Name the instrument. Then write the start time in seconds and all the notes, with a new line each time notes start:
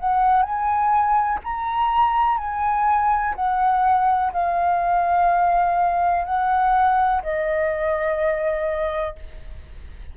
flute
0.00 F#5
0.43 G#5
1.44 A#5
2.38 G#5
3.36 F#5
4.33 F5
6.26 F#5
7.23 D#5